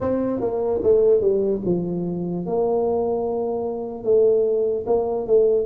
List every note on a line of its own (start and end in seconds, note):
0.00 0.40 C4
0.40 0.81 A#3
0.83 1.20 A3
1.20 1.61 G3
1.65 2.45 F3
2.45 4.04 A#3
4.04 4.85 A3
4.86 5.26 A#3
5.26 5.65 A3